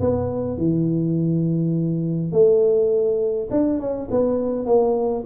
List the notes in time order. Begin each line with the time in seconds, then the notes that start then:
0.00 B3
0.57 E3
2.32 A3
3.51 D4
3.80 C#4
4.10 B3
4.66 A#3